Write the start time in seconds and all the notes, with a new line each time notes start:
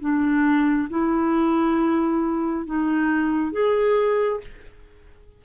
0.00 D4
0.89 E4
2.66 D#4
3.52 G#4